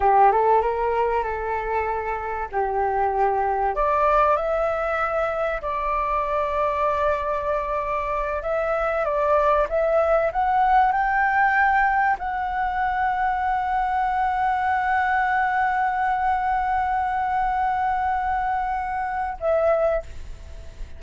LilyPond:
\new Staff \with { instrumentName = "flute" } { \time 4/4 \tempo 4 = 96 g'8 a'8 ais'4 a'2 | g'2 d''4 e''4~ | e''4 d''2.~ | d''4. e''4 d''4 e''8~ |
e''8 fis''4 g''2 fis''8~ | fis''1~ | fis''1~ | fis''2. e''4 | }